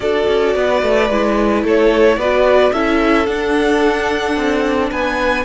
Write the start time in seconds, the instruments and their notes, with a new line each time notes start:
0.00 cello D4, viola F#4, violin A4 D5
0.27 cello C#4
0.55 cello B3, violin B4
0.82 cello A3
1.09 cello G#3, viola E4
1.63 cello A3, violin A4 C#5
2.16 cello B3, viola F#4, violin B4 D5
2.72 cello C#4, viola E4, violin A4 E5
3.26 cello D4, viola D4, violin F#5
4.36 cello C4
4.90 cello B3, violin B4 G#5